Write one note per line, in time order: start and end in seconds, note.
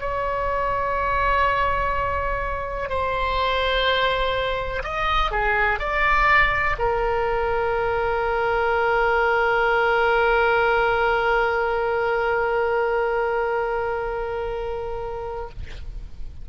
0.00 2.89 C#5
2.89 4.83 C5
4.83 5.31 D#5
5.31 5.79 G#4
5.79 6.76 D5
6.78 15.49 A#4